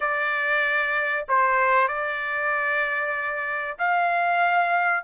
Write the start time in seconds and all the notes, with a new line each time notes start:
0.00 D5
1.28 C5
1.88 D5
3.78 F5